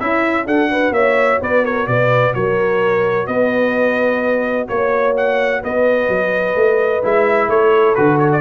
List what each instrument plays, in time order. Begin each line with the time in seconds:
0.00 tuba C#4, trombone E4, horn E4, trumpet E5
0.46 tuba D4, trombone F#4, horn A4, trumpet F#5
0.72 horn B4
0.91 tuba A#3, horn C#5, trumpet E5
1.42 tuba B3, horn B4, trumpet D5
1.64 horn A#4, trumpet C#5
1.87 tuba B2, horn B4, trumpet D5
2.34 tuba F#3, horn A#4, trumpet C#5
3.27 tuba B3, horn B4, trumpet D#5
4.68 tuba A#3, trumpet C#5, horn C#5
5.17 trumpet F#5
5.62 tuba B3, horn B4, trumpet D#5
6.09 tuba F#3
6.56 tuba A3
7.03 tuba G#3, trombone E4, trumpet E5
7.49 tuba A3, horn A4, trumpet C#5
7.95 tuba D3, trombone F#4, trumpet B4
8.19 trumpet C#5
8.33 trumpet D5